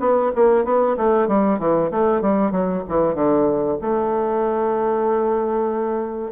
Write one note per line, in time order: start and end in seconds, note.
0.00 0.32 B3
0.36 0.65 A#3
0.65 0.96 B3
0.97 1.28 A3
1.28 1.59 G3
1.59 1.91 E3
1.91 2.22 A3
2.22 2.52 G3
2.52 2.83 F#3
2.89 3.15 E3
3.15 3.78 D3
3.82 6.32 A3